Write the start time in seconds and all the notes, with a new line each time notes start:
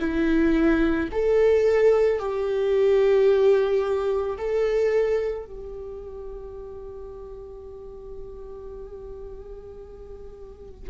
0.00 E4
1.12 A4
2.20 G4
4.38 A4
5.45 G4